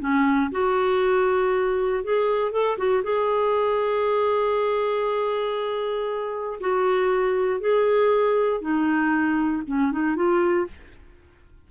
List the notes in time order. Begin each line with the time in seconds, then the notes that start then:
0.00 C#4
0.52 F#4
2.04 G#4
2.52 A4
2.78 F#4
3.03 G#4
6.61 F#4
7.60 G#4
8.61 D#4
9.67 C#4
9.92 D#4
10.16 F4